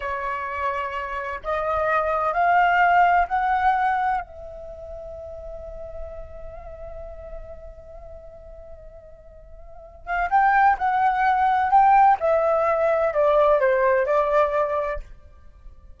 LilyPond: \new Staff \with { instrumentName = "flute" } { \time 4/4 \tempo 4 = 128 cis''2. dis''4~ | dis''4 f''2 fis''4~ | fis''4 e''2.~ | e''1~ |
e''1~ | e''4. f''8 g''4 fis''4~ | fis''4 g''4 e''2 | d''4 c''4 d''2 | }